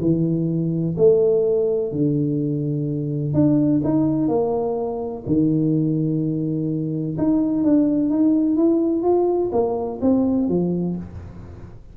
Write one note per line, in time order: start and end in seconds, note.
0.00 0.95 E3
0.97 1.91 A3
1.91 3.34 D3
3.34 3.81 D4
3.84 4.28 D#4
4.28 5.23 A#3
5.26 7.17 D#3
7.17 7.63 D#4
7.63 8.09 D4
8.09 8.56 D#4
8.56 9.02 E4
9.02 9.50 F4
9.52 10.00 A#3
10.01 10.48 C4
10.48 10.96 F3